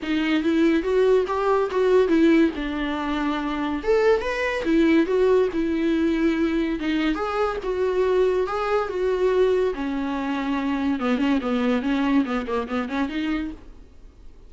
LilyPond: \new Staff \with { instrumentName = "viola" } { \time 4/4 \tempo 4 = 142 dis'4 e'4 fis'4 g'4 | fis'4 e'4 d'2~ | d'4 a'4 b'4 e'4 | fis'4 e'2. |
dis'4 gis'4 fis'2 | gis'4 fis'2 cis'4~ | cis'2 b8 cis'8 b4 | cis'4 b8 ais8 b8 cis'8 dis'4 | }